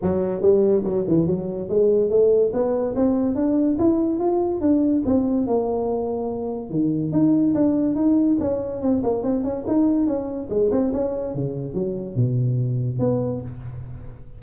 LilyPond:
\new Staff \with { instrumentName = "tuba" } { \time 4/4 \tempo 4 = 143 fis4 g4 fis8 e8 fis4 | gis4 a4 b4 c'4 | d'4 e'4 f'4 d'4 | c'4 ais2. |
dis4 dis'4 d'4 dis'4 | cis'4 c'8 ais8 c'8 cis'8 dis'4 | cis'4 gis8 c'8 cis'4 cis4 | fis4 b,2 b4 | }